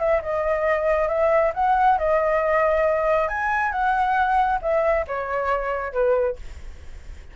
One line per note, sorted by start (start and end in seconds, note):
0.00 0.22 E5
0.23 1.09 D#5
1.09 1.52 E5
1.55 1.98 F#5
1.98 3.28 D#5
3.28 3.72 G#5
3.72 4.60 F#5
4.62 5.06 E5
5.08 5.93 C#5
5.93 6.37 B4